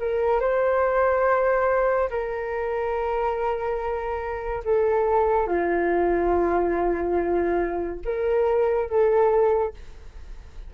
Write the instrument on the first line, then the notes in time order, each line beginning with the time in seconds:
flute
0.00 A#4
0.40 C5
2.10 A#4
4.65 A4
5.47 F4
8.05 A#4
8.90 A4